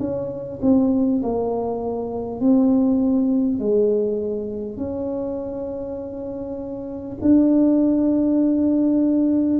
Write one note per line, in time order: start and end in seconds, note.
0.00 0.60 C#4
0.62 1.22 C4
1.23 2.41 A#3
2.41 3.59 C4
3.59 4.77 G#3
4.77 7.17 C#4
7.22 9.59 D4